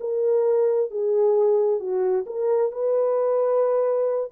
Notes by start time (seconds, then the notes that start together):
0.00 A#4
0.90 G#4
1.79 F#4
2.26 A#4
2.72 B4